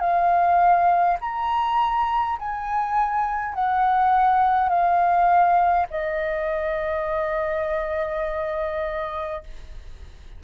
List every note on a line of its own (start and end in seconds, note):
0.00 1.18 F5
1.21 2.39 A#5
2.39 3.54 G#5
3.54 4.69 F#5
4.69 5.87 F5
5.90 9.43 D#5